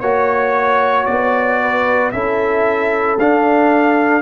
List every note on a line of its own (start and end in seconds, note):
0.00 1.05 A#3
0.00 2.13 F#4
0.00 1.05 C#5
0.00 1.59 C#5
1.05 2.12 B3
1.05 2.11 D5
1.61 2.14 B4
2.11 3.18 C#4
2.11 3.18 E4
2.11 4.22 A4
2.11 3.17 E5
3.18 4.22 D4
3.18 4.22 F5